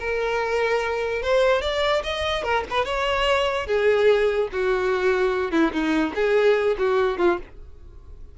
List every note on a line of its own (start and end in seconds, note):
0.00 1.23 A#4
1.23 1.62 C5
1.62 2.03 D5
2.04 2.44 D#5
2.44 2.65 A#4
2.71 2.86 B4
2.86 3.67 C#5
3.67 4.49 G#4
4.53 5.52 F#4
5.52 5.72 E4
5.73 6.14 D#4
6.15 6.77 G#4
6.78 7.18 F#4
7.18 7.39 F4